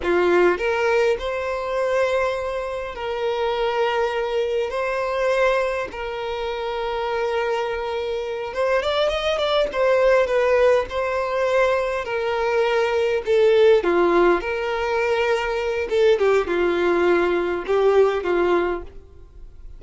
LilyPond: \new Staff \with { instrumentName = "violin" } { \time 4/4 \tempo 4 = 102 f'4 ais'4 c''2~ | c''4 ais'2. | c''2 ais'2~ | ais'2~ ais'8 c''8 d''8 dis''8 |
d''8 c''4 b'4 c''4.~ | c''8 ais'2 a'4 f'8~ | f'8 ais'2~ ais'8 a'8 g'8 | f'2 g'4 f'4 | }